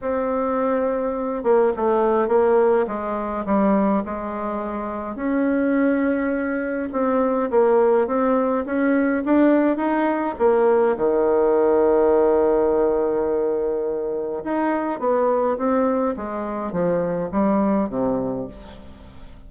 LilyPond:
\new Staff \with { instrumentName = "bassoon" } { \time 4/4 \tempo 4 = 104 c'2~ c'8 ais8 a4 | ais4 gis4 g4 gis4~ | gis4 cis'2. | c'4 ais4 c'4 cis'4 |
d'4 dis'4 ais4 dis4~ | dis1~ | dis4 dis'4 b4 c'4 | gis4 f4 g4 c4 | }